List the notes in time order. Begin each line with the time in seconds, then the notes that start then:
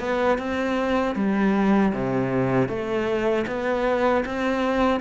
0.00 B3
0.38 C4
1.16 G3
1.94 C3
2.69 A3
3.47 B3
4.26 C4